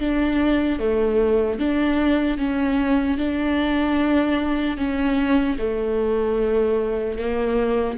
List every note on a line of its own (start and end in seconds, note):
0.00 0.79 D4
0.79 1.59 A3
1.60 2.38 D4
2.38 3.18 C#4
3.18 4.77 D4
4.77 5.57 C#4
5.59 7.19 A3
7.19 7.98 A#3